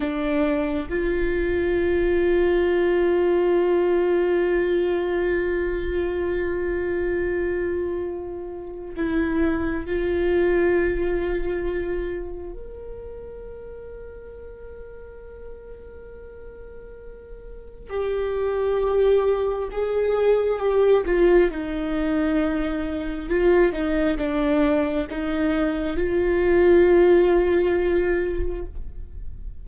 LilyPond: \new Staff \with { instrumentName = "viola" } { \time 4/4 \tempo 4 = 67 d'4 f'2.~ | f'1~ | f'2 e'4 f'4~ | f'2 ais'2~ |
ais'1 | g'2 gis'4 g'8 f'8 | dis'2 f'8 dis'8 d'4 | dis'4 f'2. | }